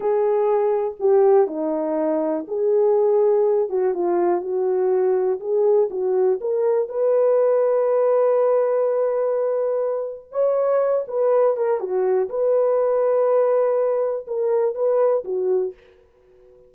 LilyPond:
\new Staff \with { instrumentName = "horn" } { \time 4/4 \tempo 4 = 122 gis'2 g'4 dis'4~ | dis'4 gis'2~ gis'8 fis'8 | f'4 fis'2 gis'4 | fis'4 ais'4 b'2~ |
b'1~ | b'4 cis''4. b'4 ais'8 | fis'4 b'2.~ | b'4 ais'4 b'4 fis'4 | }